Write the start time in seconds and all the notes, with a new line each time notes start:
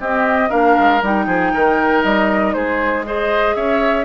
0.00 C4 G4 D#5
0.50 A#3 D4 A#4 F5
0.79 G#3
1.02 G3 D#4 G5
1.27 F3 G#4
1.54 D#3 A#4
2.03 G3 D#5
2.54 G#3 G#4 C5
3.05 G#4 C5 D#5
3.56 C#4 C#5 E5